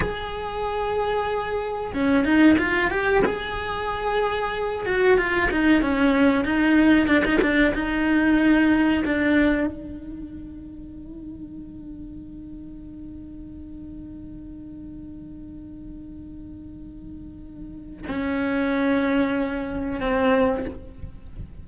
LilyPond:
\new Staff \with { instrumentName = "cello" } { \time 4/4 \tempo 4 = 93 gis'2. cis'8 dis'8 | f'8 g'8 gis'2~ gis'8 fis'8 | f'8 dis'8 cis'4 dis'4 d'16 dis'16 d'8 | dis'2 d'4 dis'4~ |
dis'1~ | dis'1~ | dis'1 | cis'2. c'4 | }